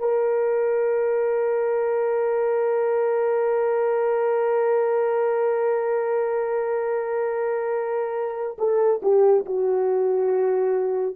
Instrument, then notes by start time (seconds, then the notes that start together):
horn
0.00 A#4
8.59 A4
9.03 G4
9.46 F#4